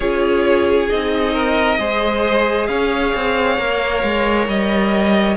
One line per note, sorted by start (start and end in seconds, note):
0.00 0.90 C#4
0.00 0.90 F4
0.00 1.33 G#4
0.00 0.89 C#5
0.89 1.79 C4
0.89 1.78 D#4
0.89 2.67 D#5
1.33 1.78 A#4
1.78 2.68 G#3
1.78 3.57 G#4
1.78 2.68 C5
2.67 3.13 C#4
2.67 5.36 C#5
2.67 4.46 F5
3.15 3.58 C4
3.57 4.03 A#3
3.57 5.36 A#4
4.03 4.47 G#3
4.47 5.36 G3
4.47 5.36 D#5